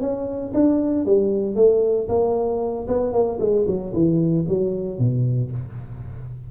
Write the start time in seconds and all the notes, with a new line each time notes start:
0.00 C#4
0.53 D4
1.05 G3
1.55 A3
2.08 A#3
2.87 B3
3.12 A#3
3.39 G#3
3.67 F#3
3.93 E3
4.48 F#3
4.98 B2